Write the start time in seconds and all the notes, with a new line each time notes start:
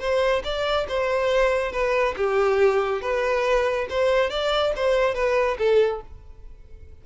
0.00 C5
0.44 D5
0.89 C5
1.72 B4
2.17 G4
3.02 B4
3.90 C5
4.31 D5
4.76 C5
5.15 B4
5.59 A4